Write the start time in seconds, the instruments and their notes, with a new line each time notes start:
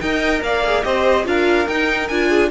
0.00 cello D#4, viola A#4, violin D#5 G5
0.42 cello A#3, violin D5 F5
0.66 viola G#4
0.83 cello C4, viola G4, violin C5 D#5
1.24 cello D4, viola F4, violin A#4 F5
1.68 cello D#4, viola D#4, violin G5
2.08 cello D4, viola F4, violin G#5
2.29 violin G#4